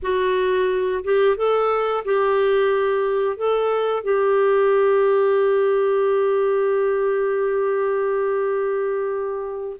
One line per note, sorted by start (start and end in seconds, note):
0.02 1.03 F#4
1.04 1.36 G4
1.36 2.04 A4
2.04 3.36 G4
3.36 4.03 A4
4.03 9.76 G4